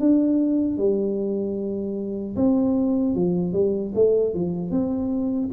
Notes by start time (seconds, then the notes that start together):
0.00 D4
0.78 G3
2.36 C4
3.15 F3
3.53 G3
3.95 A3
4.35 F3
4.71 C4